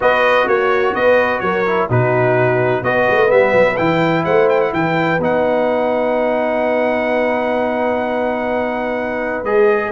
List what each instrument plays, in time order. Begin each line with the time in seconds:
0.00 tuba B3, trombone F#4, horn B4, trumpet D#5
0.46 tuba A#3, horn F#4, trumpet C#5
0.94 tuba B3, horn B4, trumpet D#5
1.40 tuba F#3, horn A#4, trumpet C#5
1.66 trombone E4
1.87 tuba B2, trombone D#4, horn F#4, trumpet B4
2.82 tuba B3, trombone F#4, horn B4, trumpet D#5
3.10 tuba A3
3.27 tuba G3, trombone B3, trumpet E5
3.52 tuba F#3
3.76 tuba E3, trombone E4, trumpet G5
4.24 tuba A3, horn C5, trumpet F#5
4.49 trumpet G5
4.60 trumpet F#5
4.72 tuba E3, horn B4, trumpet G5
5.18 tuba B3, trombone D#4, trumpet F#5
9.43 tuba G#3, trombone G#4, trumpet D#5